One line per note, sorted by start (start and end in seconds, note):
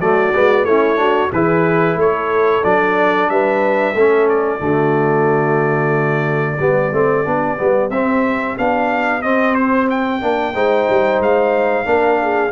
0.00 0.33 F#3
0.00 0.34 A3
0.00 0.67 F#4
0.00 0.65 D5
0.34 0.64 G#3
0.34 0.68 B3
0.64 1.30 A3
0.64 0.96 C#4
0.64 0.99 E4
0.64 1.31 C#5
0.96 1.29 D4
0.96 1.32 F#4
1.32 1.96 E3
1.32 2.63 E4
1.32 1.98 G#4
1.32 1.99 B4
1.96 2.62 A3
1.96 3.31 A4
1.96 2.64 C#5
2.63 3.30 F#3
2.63 3.95 D4
2.63 3.30 D5
3.30 3.95 G3
3.30 3.94 B4
3.30 4.29 E5
3.94 4.60 A3
3.94 4.60 C#4
3.94 4.60 A4
4.29 7.91 D5
4.60 6.58 D3
4.60 6.58 A3
4.60 6.60 F#4
6.59 6.92 G3
6.59 6.93 B3
6.59 10.54 G4
6.93 7.26 A3
6.93 7.25 C4
7.25 7.59 B3
7.25 7.57 D4
7.57 7.91 G3
7.57 7.90 B3
7.91 8.56 C4
7.91 8.58 C4
7.91 8.57 E5
8.58 9.24 B3
8.58 9.23 D4
8.58 9.22 F5
9.22 10.21 C4
9.22 10.23 C4
9.22 9.55 D#5
9.55 9.88 C5
9.90 11.22 G5
10.21 10.55 A#3
10.21 10.54 D4
10.54 10.88 G#3
10.54 11.85 D#4
10.54 11.86 C5
10.90 11.20 G3
11.20 11.86 G#3
11.20 12.53 F5
11.85 12.52 A#3
11.85 12.51 D4
11.85 12.22 A#4
12.22 12.53 G#4